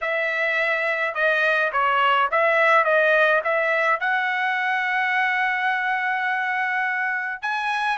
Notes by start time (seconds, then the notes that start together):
0.01 E5
1.14 D#5
1.72 C#5
2.31 E5
2.84 D#5
3.44 E5
4.00 F#5
7.42 G#5